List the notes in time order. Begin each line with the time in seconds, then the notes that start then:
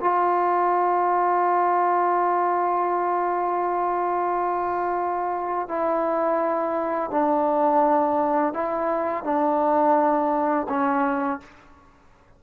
0.00 F4
5.68 E4
7.10 D4
8.53 E4
9.24 D4
10.69 C#4